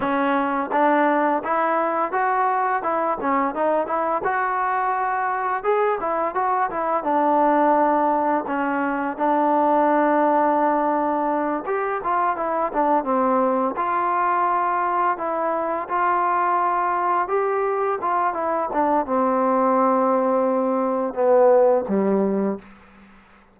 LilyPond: \new Staff \with { instrumentName = "trombone" } { \time 4/4 \tempo 4 = 85 cis'4 d'4 e'4 fis'4 | e'8 cis'8 dis'8 e'8 fis'2 | gis'8 e'8 fis'8 e'8 d'2 | cis'4 d'2.~ |
d'8 g'8 f'8 e'8 d'8 c'4 f'8~ | f'4. e'4 f'4.~ | f'8 g'4 f'8 e'8 d'8 c'4~ | c'2 b4 g4 | }